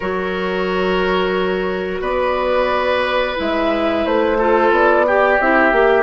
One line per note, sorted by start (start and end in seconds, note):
0.00 2.01 F#3
0.00 3.36 F#4
0.00 2.01 A#4
0.00 1.99 C#5
2.01 3.35 B3
2.01 4.37 B4
2.01 3.37 D5
3.36 4.05 G#3
3.36 4.37 E4
3.36 4.05 E5
4.05 4.70 A3
4.05 4.72 C5
4.38 5.07 F4
4.38 5.05 A4
4.70 5.37 B3
4.70 5.40 D5
5.06 6.03 G4
5.06 5.41 G4
5.40 5.72 C4
5.40 5.73 E4
5.40 6.03 E5
5.72 6.03 A#3
5.72 6.03 G4